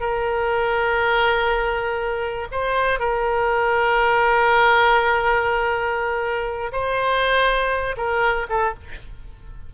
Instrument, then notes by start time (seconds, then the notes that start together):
oboe
0.00 A#4
2.52 C5
3.00 A#4
6.72 C5
7.97 A#4
8.49 A4